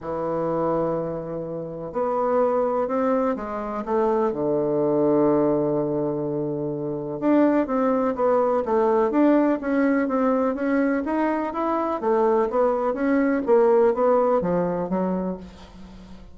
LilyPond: \new Staff \with { instrumentName = "bassoon" } { \time 4/4 \tempo 4 = 125 e1 | b2 c'4 gis4 | a4 d2.~ | d2. d'4 |
c'4 b4 a4 d'4 | cis'4 c'4 cis'4 dis'4 | e'4 a4 b4 cis'4 | ais4 b4 f4 fis4 | }